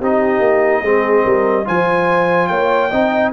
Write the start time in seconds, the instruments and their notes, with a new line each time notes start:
0.00 tuba C4, trombone D#4, horn G4, trumpet D#5
0.40 tuba A#3
0.82 tuba G#3, trombone C4, horn G#4
1.24 tuba G3, horn A#4
1.65 tuba F3, trombone F4, horn C5, trumpet G#5
2.48 tuba A#3, horn C#5, trumpet G5
2.91 tuba C4, trombone D#4, horn D#5